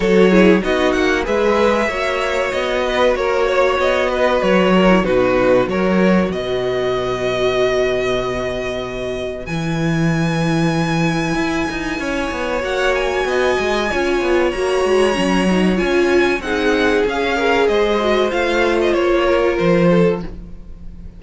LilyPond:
<<
  \new Staff \with { instrumentName = "violin" } { \time 4/4 \tempo 4 = 95 cis''4 dis''8 fis''8 e''2 | dis''4 cis''4 dis''4 cis''4 | b'4 cis''4 dis''2~ | dis''2. gis''4~ |
gis''1 | fis''8 gis''2~ gis''8 ais''4~ | ais''4 gis''4 fis''4 f''4 | dis''4 f''8. dis''16 cis''4 c''4 | }
  \new Staff \with { instrumentName = "violin" } { \time 4/4 a'8 gis'8 fis'4 b'4 cis''4~ | cis''8 b'8 ais'8 cis''4 b'4 ais'8 | fis'4 ais'4 b'2~ | b'1~ |
b'2. cis''4~ | cis''4 dis''4 cis''2~ | cis''2 gis'4. ais'8 | c''2~ c''8 ais'4 a'8 | }
  \new Staff \with { instrumentName = "viola" } { \time 4/4 fis'8 e'8 dis'4 gis'4 fis'4~ | fis'2.~ fis'8. e'16 | dis'4 fis'2.~ | fis'2. e'4~ |
e'1 | fis'2 f'4 fis'4 | cis'8 dis'8 f'4 dis'4 gis'16 cis'16 gis'8~ | gis'8 fis'8 f'2. | }
  \new Staff \with { instrumentName = "cello" } { \time 4/4 fis4 b8 ais8 gis4 ais4 | b4 ais4 b4 fis4 | b,4 fis4 b,2~ | b,2. e4~ |
e2 e'8 dis'8 cis'8 b8 | ais4 b8 gis8 cis'8 b8 ais8 gis8 | fis4 cis'4 c'4 cis'4 | gis4 a4 ais4 f4 | }
>>